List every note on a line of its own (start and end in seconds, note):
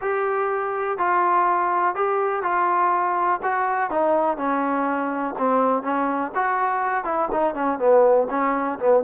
0.01 0.98 G4
0.98 1.95 F4
1.95 2.43 G4
2.43 3.40 F4
3.42 3.90 F#4
3.90 4.37 D#4
4.37 5.34 C#4
5.38 5.82 C4
5.82 6.31 C#4
6.34 7.04 F#4
7.04 7.28 E4
7.32 7.54 D#4
7.54 7.78 C#4
7.78 8.27 B3
8.30 8.78 C#4
8.79 9.03 B3